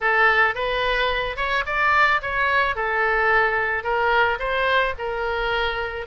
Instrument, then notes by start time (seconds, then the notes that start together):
oboe
0.01 A4
0.55 B4
1.36 C#5
1.66 D5
2.22 C#5
2.75 A4
3.83 A#4
4.39 C5
4.98 A#4